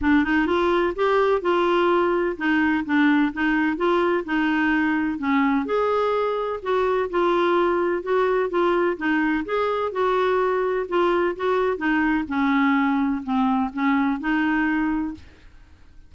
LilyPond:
\new Staff \with { instrumentName = "clarinet" } { \time 4/4 \tempo 4 = 127 d'8 dis'8 f'4 g'4 f'4~ | f'4 dis'4 d'4 dis'4 | f'4 dis'2 cis'4 | gis'2 fis'4 f'4~ |
f'4 fis'4 f'4 dis'4 | gis'4 fis'2 f'4 | fis'4 dis'4 cis'2 | c'4 cis'4 dis'2 | }